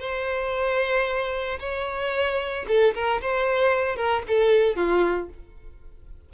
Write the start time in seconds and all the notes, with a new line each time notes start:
0.00 C5
1.60 C#5
2.68 A4
2.95 A#4
3.22 C5
3.96 A#4
4.28 A4
4.76 F4